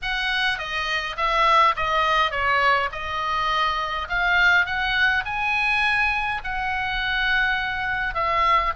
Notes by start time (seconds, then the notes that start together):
0.02 F#5
0.58 D#5
1.17 E5
1.76 D#5
2.31 C#5
2.92 D#5
4.08 F5
4.65 F#5
5.25 G#5
6.44 F#5
8.14 E5